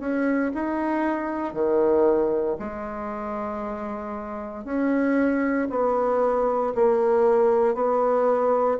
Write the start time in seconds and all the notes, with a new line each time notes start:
0.00 C#4
0.54 D#4
1.53 D#3
2.59 G#3
4.65 C#4
5.70 B3
6.75 A#3
7.74 B3